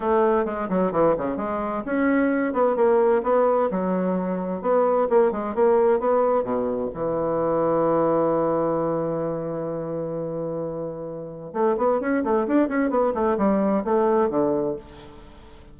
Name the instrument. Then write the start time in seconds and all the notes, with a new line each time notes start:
bassoon
0.00 A3
0.45 G#3
0.69 F#3
0.92 E3
1.17 C#3
1.37 G#3
1.85 C#4
2.53 B3
2.75 A#3
3.23 B3
3.70 F#3
4.61 B3
5.09 A#3
5.31 G#3
5.54 A#3
5.99 B3
6.43 B2
6.94 E3
11.53 A3
11.77 B3
12.00 C#4
12.23 A3
12.47 D4
12.68 C#4
12.90 B3
13.14 A3
13.37 G3
13.84 A3
14.29 D3